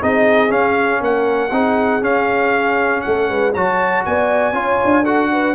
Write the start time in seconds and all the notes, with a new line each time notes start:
0.00 C4 D#4 G#4 D#5
0.49 C#4 F5
1.01 A#3 A#4 F#5
1.51 C4 D#4 G#4
2.01 C#4 F5
3.01 A3 A4 F#5
3.29 G#3 B4
3.53 F#3 F#4 C#5 A5
4.05 B3 D5 G#5
4.53 C#4 F4 C#5
4.85 D4
5.03 F#4 A4 F#5
5.32 B4